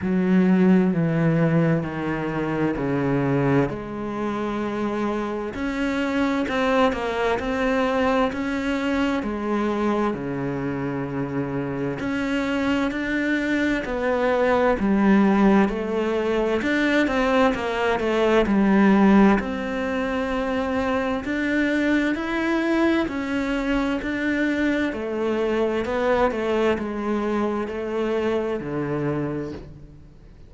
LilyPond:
\new Staff \with { instrumentName = "cello" } { \time 4/4 \tempo 4 = 65 fis4 e4 dis4 cis4 | gis2 cis'4 c'8 ais8 | c'4 cis'4 gis4 cis4~ | cis4 cis'4 d'4 b4 |
g4 a4 d'8 c'8 ais8 a8 | g4 c'2 d'4 | e'4 cis'4 d'4 a4 | b8 a8 gis4 a4 d4 | }